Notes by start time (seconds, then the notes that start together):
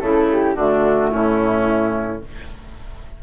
0.00 C#3 A3 E4 A4
0.32 G4
0.55 D3 A3 D4 F#4
1.11 A2 C#4 E4